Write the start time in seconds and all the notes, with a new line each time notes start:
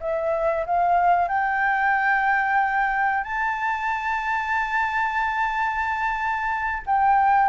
0.00 E5
0.66 F5
1.28 G5
3.24 A5
6.86 G5